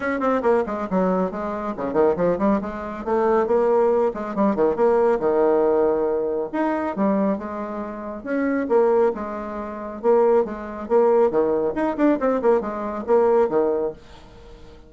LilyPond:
\new Staff \with { instrumentName = "bassoon" } { \time 4/4 \tempo 4 = 138 cis'8 c'8 ais8 gis8 fis4 gis4 | cis8 dis8 f8 g8 gis4 a4 | ais4. gis8 g8 dis8 ais4 | dis2. dis'4 |
g4 gis2 cis'4 | ais4 gis2 ais4 | gis4 ais4 dis4 dis'8 d'8 | c'8 ais8 gis4 ais4 dis4 | }